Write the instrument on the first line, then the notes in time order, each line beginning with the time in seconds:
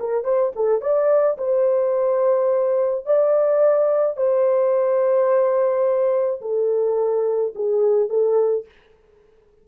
horn
0.00 A#4
0.24 C5
0.56 A4
0.82 D5
1.38 C5
3.06 D5
4.17 C5
6.42 A4
7.55 G#4
8.10 A4